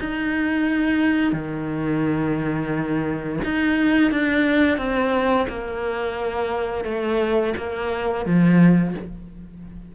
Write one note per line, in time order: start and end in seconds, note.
0.00 1.33 D#4
1.33 3.39 D#3
3.45 4.12 D#4
4.12 4.78 D4
4.78 5.47 C4
5.49 6.85 A#3
6.85 7.54 A3
7.57 8.26 A#3
8.26 8.95 F3